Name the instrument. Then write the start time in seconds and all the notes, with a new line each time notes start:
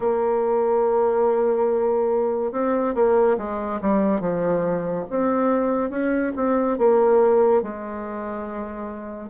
bassoon
0.00 A#3
2.52 C4
2.94 A#3
3.37 G#3
3.81 G3
4.20 F3
5.09 C4
5.90 C#4
6.36 C4
6.78 A#3
7.62 G#3